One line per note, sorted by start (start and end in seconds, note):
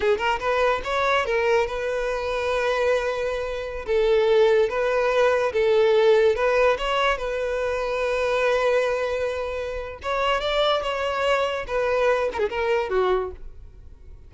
0.00 0.18 G#4
0.18 0.39 A#4
0.39 0.81 B4
0.84 1.25 C#5
1.25 1.67 A#4
1.67 3.85 B4
3.86 4.69 A4
4.69 5.52 B4
5.52 6.35 A4
6.35 6.77 B4
6.78 7.17 C#5
7.17 9.99 B4
10.02 10.41 C#5
10.41 10.82 D5
10.82 11.65 C#5
11.67 12.29 B4
12.33 12.49 G#4
12.33 12.38 A#4
12.49 12.89 A#4
12.89 13.31 F#4